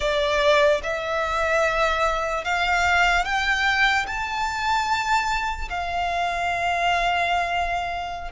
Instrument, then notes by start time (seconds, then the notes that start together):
violin
0.00 D5
0.83 E5
2.44 F5
3.24 G5
4.07 A5
5.69 F5